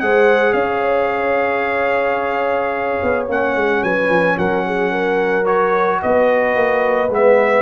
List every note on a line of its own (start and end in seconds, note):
0.00 0.53 G#3
0.00 3.28 G#4
0.00 0.53 C5
0.00 0.53 F#5
0.53 2.99 C#4
0.53 3.80 C#5
0.53 3.26 F5
3.02 3.29 B3
3.28 3.55 A#3
3.28 5.45 C#4
3.28 3.83 F#5
3.55 3.83 G#3
3.82 4.09 F#3
3.82 4.37 B4
3.82 4.38 G#5
4.09 4.37 F3
4.38 6.02 F#3
4.38 4.65 A#4
4.38 5.46 F#5
4.66 4.91 G#4
4.91 6.00 A#4
5.45 7.08 F#4
5.45 6.00 C#5
6.02 6.55 B3
6.02 7.62 B4
6.02 7.11 D#5
6.55 7.10 A#3
7.10 7.62 G#3
7.10 7.62 B3
7.10 7.62 E5